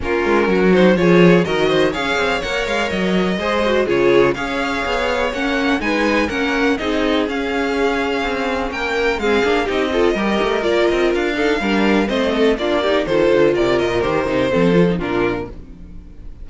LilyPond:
<<
  \new Staff \with { instrumentName = "violin" } { \time 4/4 \tempo 4 = 124 ais'4. c''8 cis''4 dis''4 | f''4 fis''8 f''8 dis''2 | cis''4 f''2 fis''4 | gis''4 fis''4 dis''4 f''4~ |
f''2 g''4 f''4 | dis''2 d''8 dis''8 f''4~ | f''4 dis''4 d''4 c''4 | d''8 dis''8 c''2 ais'4 | }
  \new Staff \with { instrumentName = "violin" } { \time 4/4 f'4 fis'4 gis'4 ais'8 c''8 | cis''2. c''4 | gis'4 cis''2. | b'4 ais'4 gis'2~ |
gis'2 ais'4 gis'4 | g'8 a'8 ais'2~ ais'8 a'8 | ais'4 c''8 a'8 f'8 g'8 a'4 | ais'2 a'4 f'4 | }
  \new Staff \with { instrumentName = "viola" } { \time 4/4 cis'4. dis'8 f'4 fis'4 | gis'4 ais'2 gis'8 fis'8 | f'4 gis'2 cis'4 | dis'4 cis'4 dis'4 cis'4~ |
cis'2. c'8 d'8 | dis'8 f'8 g'4 f'4. dis'8 | d'4 c'4 d'8 dis'8 f'4~ | f'4 g'8 dis'8 c'8 f'16 dis'16 d'4 | }
  \new Staff \with { instrumentName = "cello" } { \time 4/4 ais8 gis8 fis4 f4 dis4 | cis'8 c'8 ais8 gis8 fis4 gis4 | cis4 cis'4 b4 ais4 | gis4 ais4 c'4 cis'4~ |
cis'4 c'4 ais4 gis8 ais8 | c'4 g8 a8 ais8 c'8 d'4 | g4 a4 ais4 dis8 d8 | c8 ais,8 dis8 c8 f4 ais,4 | }
>>